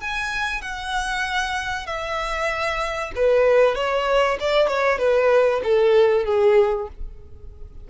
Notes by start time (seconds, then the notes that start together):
0.00 G#5
0.61 F#5
1.86 E5
3.15 B4
3.75 C#5
4.39 D5
4.67 C#5
4.98 B4
5.63 A4
6.25 G#4